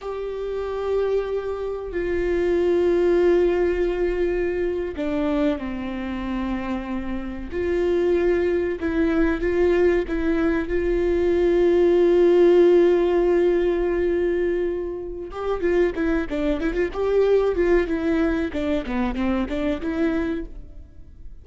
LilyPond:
\new Staff \with { instrumentName = "viola" } { \time 4/4 \tempo 4 = 94 g'2. f'4~ | f'2.~ f'8. d'16~ | d'8. c'2. f'16~ | f'4.~ f'16 e'4 f'4 e'16~ |
e'8. f'2.~ f'16~ | f'1 | g'8 f'8 e'8 d'8 e'16 f'16 g'4 f'8 | e'4 d'8 b8 c'8 d'8 e'4 | }